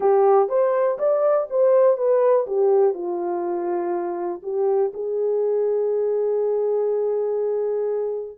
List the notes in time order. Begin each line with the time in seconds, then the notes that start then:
0.00 G4
0.49 C5
0.98 D5
1.50 C5
1.97 B4
2.46 G4
2.94 F4
4.43 G4
4.93 G#4